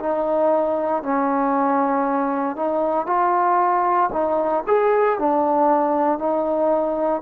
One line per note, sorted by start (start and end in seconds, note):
0.00 1.03 D#4
1.03 2.56 C#4
2.56 3.07 D#4
3.07 4.11 F4
4.13 4.65 D#4
4.67 5.19 G#4
5.19 6.19 D4
6.19 7.22 D#4